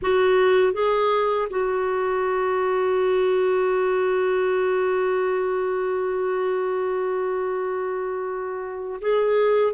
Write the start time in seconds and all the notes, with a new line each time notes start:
0.02 F#4
0.73 G#4
1.50 F#4
9.01 G#4